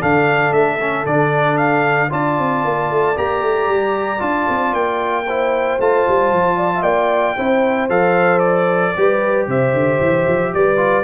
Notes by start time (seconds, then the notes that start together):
0.00 D3 D4 A4 F5
0.52 A3 E5
0.80 C#4
1.05 D3 D4 D5
1.57 F5
2.10 D4 F4 D5 A5
2.38 C4
2.64 A#3
2.90 A3
3.17 A#3 G4 A#5
3.42 A3
3.67 G3
4.19 D4 F4 A5
4.49 C4
4.73 A#3 G5
5.26 E4 C5
5.79 A3 F4 A5
6.08 G3
6.32 F3
6.57 D5
6.75 E5
6.82 A#3 D5 G5
7.36 C4 E4 C5
7.89 F3 A4 F5
8.39 D5
8.96 G3 G4 B4
9.47 C3 C5 E5
9.73 D3
10.00 E3
10.27 F3
10.54 G3 B4 D5
10.77 F4